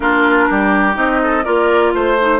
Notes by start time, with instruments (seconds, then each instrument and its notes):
0.00 bassoon A#3, clarinet D4, oboe F4, flute A#4
0.49 bassoon G3, oboe G4
0.94 bassoon C4, clarinet D#4, flute D#5
1.22 oboe A4
1.44 bassoon A#3, clarinet F4, oboe A#4, flute D5
1.93 bassoon A3, oboe C5, flute C5
2.20 clarinet D#4